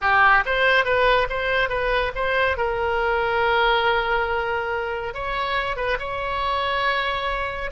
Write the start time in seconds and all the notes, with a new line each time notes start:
0.01 G4
0.45 C5
0.84 B4
1.29 C5
1.69 B4
2.15 C5
2.57 A#4
5.14 C#5
5.76 B4
5.99 C#5